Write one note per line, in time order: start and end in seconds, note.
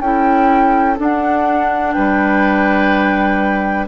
0.00 0.97 C#4
0.00 0.97 E4
0.00 1.95 A4
0.00 0.98 G5
0.97 3.88 D4
0.97 1.96 D4
0.97 1.93 F#5
1.93 3.88 G3
1.93 3.88 B4
1.93 3.87 G5